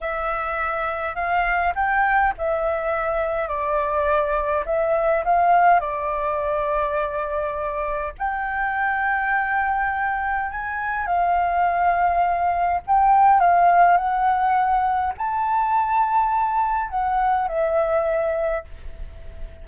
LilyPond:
\new Staff \with { instrumentName = "flute" } { \time 4/4 \tempo 4 = 103 e''2 f''4 g''4 | e''2 d''2 | e''4 f''4 d''2~ | d''2 g''2~ |
g''2 gis''4 f''4~ | f''2 g''4 f''4 | fis''2 a''2~ | a''4 fis''4 e''2 | }